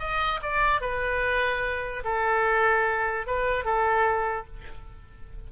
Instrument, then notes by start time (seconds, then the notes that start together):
oboe
0.00 D#5
0.43 D5
0.82 B4
2.05 A4
3.27 B4
3.65 A4